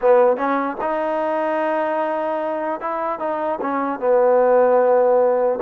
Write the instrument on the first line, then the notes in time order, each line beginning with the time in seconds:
trombone
0.01 B3
0.36 C#4
0.80 D#4
2.80 E4
3.19 D#4
3.61 C#4
3.99 B3